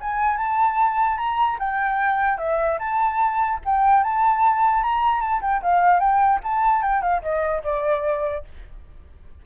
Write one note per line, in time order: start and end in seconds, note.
0.00 0.37 G#5
0.37 1.17 A5
1.17 1.57 A#5
1.59 2.38 G5
2.38 2.78 E5
2.79 3.59 A5
3.64 4.03 G5
4.03 4.83 A5
4.83 5.21 A#5
5.21 5.41 A5
5.41 5.61 G5
5.62 5.99 F5
5.99 6.40 G5
6.43 6.82 A5
6.82 7.01 G5
7.01 7.22 F5
7.22 7.62 D#5
7.63 8.44 D5